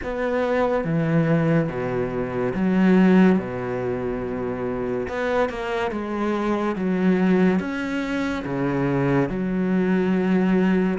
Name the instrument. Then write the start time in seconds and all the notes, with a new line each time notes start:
cello
0.03 B3
0.84 E3
1.68 B2
2.54 F#3
3.38 B2
5.08 B3
5.49 A#3
5.91 G#3
6.75 F#3
7.59 C#4
8.45 C#3
9.29 F#3